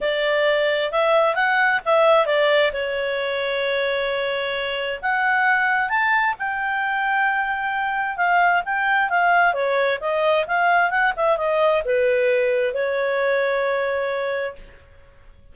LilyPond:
\new Staff \with { instrumentName = "clarinet" } { \time 4/4 \tempo 4 = 132 d''2 e''4 fis''4 | e''4 d''4 cis''2~ | cis''2. fis''4~ | fis''4 a''4 g''2~ |
g''2 f''4 g''4 | f''4 cis''4 dis''4 f''4 | fis''8 e''8 dis''4 b'2 | cis''1 | }